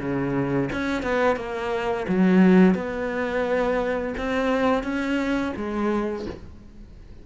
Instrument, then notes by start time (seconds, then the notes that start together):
cello
0.00 C#3
0.73 C#4
1.03 B3
1.37 A#3
2.08 F#3
2.75 B3
4.18 C4
4.84 C#4
5.57 G#3